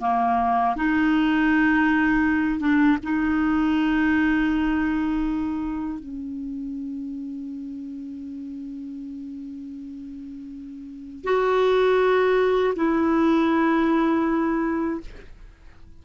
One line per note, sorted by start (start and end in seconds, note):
0.00 0.75 A#3
0.76 2.60 D#4
2.60 2.97 D4
3.03 5.99 D#4
5.99 11.24 C#4
11.24 12.74 F#4
12.75 15.00 E4